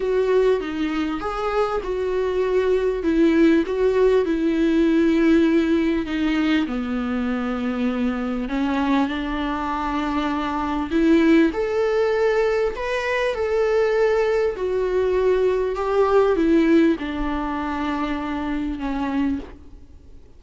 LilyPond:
\new Staff \with { instrumentName = "viola" } { \time 4/4 \tempo 4 = 99 fis'4 dis'4 gis'4 fis'4~ | fis'4 e'4 fis'4 e'4~ | e'2 dis'4 b4~ | b2 cis'4 d'4~ |
d'2 e'4 a'4~ | a'4 b'4 a'2 | fis'2 g'4 e'4 | d'2. cis'4 | }